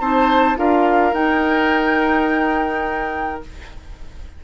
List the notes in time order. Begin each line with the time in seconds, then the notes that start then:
0.00 C4 D#4 C5 A5
0.56 D4 F4 A#4 F5
1.13 D#4 G5